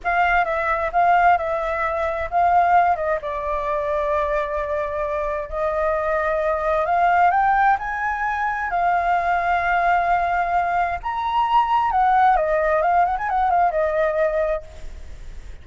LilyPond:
\new Staff \with { instrumentName = "flute" } { \time 4/4 \tempo 4 = 131 f''4 e''4 f''4 e''4~ | e''4 f''4. dis''8 d''4~ | d''1 | dis''2. f''4 |
g''4 gis''2 f''4~ | f''1 | ais''2 fis''4 dis''4 | f''8 fis''16 gis''16 fis''8 f''8 dis''2 | }